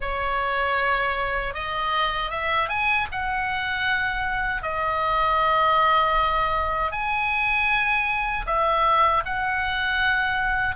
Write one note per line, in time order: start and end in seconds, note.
0.00 1.54 C#5
1.54 2.30 D#5
2.30 2.69 E5
2.69 3.07 G#5
3.11 4.62 F#5
4.62 6.91 D#5
6.91 8.45 G#5
8.46 9.23 E5
9.25 10.75 F#5